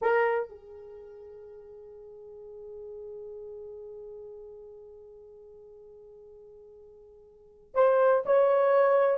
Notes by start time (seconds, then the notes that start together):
0.01 A#4
0.49 G#4
7.74 C5
8.25 C#5